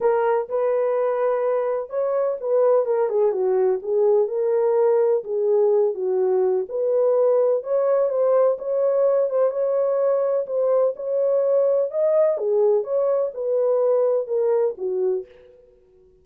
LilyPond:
\new Staff \with { instrumentName = "horn" } { \time 4/4 \tempo 4 = 126 ais'4 b'2. | cis''4 b'4 ais'8 gis'8 fis'4 | gis'4 ais'2 gis'4~ | gis'8 fis'4. b'2 |
cis''4 c''4 cis''4. c''8 | cis''2 c''4 cis''4~ | cis''4 dis''4 gis'4 cis''4 | b'2 ais'4 fis'4 | }